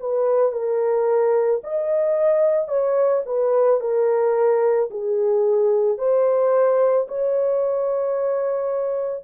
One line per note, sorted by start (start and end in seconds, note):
0.00 0.52 B4
0.52 1.61 A#4
1.64 2.68 D#5
2.68 3.22 C#5
3.26 3.80 B4
3.80 4.89 A#4
4.90 5.98 G#4
5.98 7.07 C5
7.08 9.24 C#5